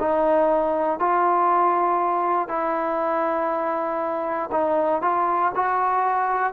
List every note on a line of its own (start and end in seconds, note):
0.00 1.00 D#4
1.00 2.49 F4
2.49 4.51 E4
4.52 5.02 D#4
5.02 5.52 F4
5.56 6.53 F#4